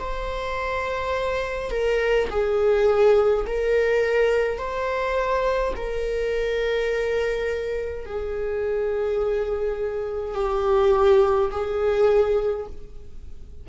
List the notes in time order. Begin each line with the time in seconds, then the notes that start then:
0.00 C5
1.71 A#4
2.30 G#4
3.47 A#4
4.58 C5
5.76 A#4
8.06 G#4
10.35 G4
11.51 G#4